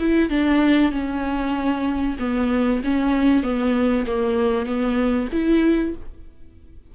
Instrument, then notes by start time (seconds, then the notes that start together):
viola
0.00 E4
0.30 D4
0.92 C#4
2.20 B3
2.84 C#4
3.43 B3
4.07 A#3
4.66 B3
5.33 E4